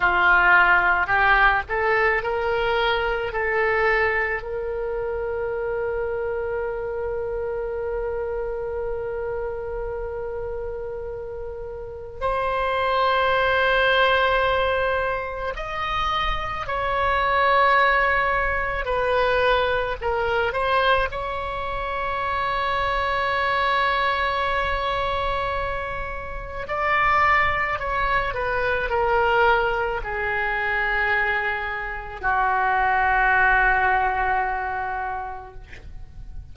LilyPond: \new Staff \with { instrumentName = "oboe" } { \time 4/4 \tempo 4 = 54 f'4 g'8 a'8 ais'4 a'4 | ais'1~ | ais'2. c''4~ | c''2 dis''4 cis''4~ |
cis''4 b'4 ais'8 c''8 cis''4~ | cis''1 | d''4 cis''8 b'8 ais'4 gis'4~ | gis'4 fis'2. | }